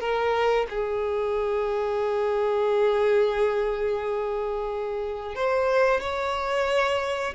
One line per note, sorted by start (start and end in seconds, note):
0.00 0.67 A#4
0.70 5.35 G#4
5.35 6.01 C5
6.01 7.34 C#5